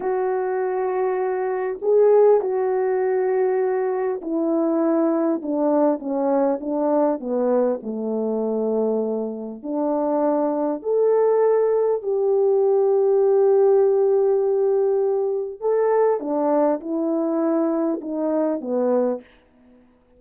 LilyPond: \new Staff \with { instrumentName = "horn" } { \time 4/4 \tempo 4 = 100 fis'2. gis'4 | fis'2. e'4~ | e'4 d'4 cis'4 d'4 | b4 a2. |
d'2 a'2 | g'1~ | g'2 a'4 d'4 | e'2 dis'4 b4 | }